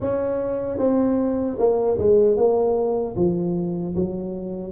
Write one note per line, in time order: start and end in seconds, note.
0.00 0.78 C#4
0.78 1.57 C4
1.58 1.98 A#3
1.98 2.36 G#3
2.36 3.15 A#3
3.15 3.94 F3
3.95 4.72 F#3